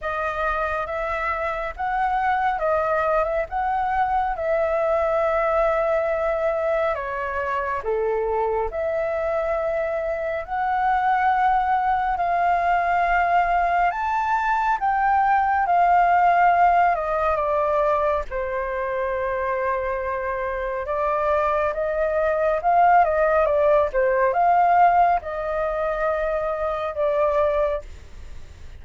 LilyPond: \new Staff \with { instrumentName = "flute" } { \time 4/4 \tempo 4 = 69 dis''4 e''4 fis''4 dis''8. e''16 | fis''4 e''2. | cis''4 a'4 e''2 | fis''2 f''2 |
a''4 g''4 f''4. dis''8 | d''4 c''2. | d''4 dis''4 f''8 dis''8 d''8 c''8 | f''4 dis''2 d''4 | }